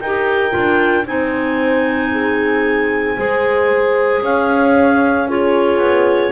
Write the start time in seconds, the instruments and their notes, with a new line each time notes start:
0.00 double bass D#4, clarinet G4 G5, horn A#4
0.50 double bass D4, clarinet F4
1.06 double bass C4, clarinet D#4 G#5, horn C5
2.12 horn G#4
3.17 double bass G#3, clarinet G#4, horn C5
4.21 double bass C#4, horn C#5, clarinet F5
5.27 clarinet F4 C#5, horn G#4
5.77 double bass B3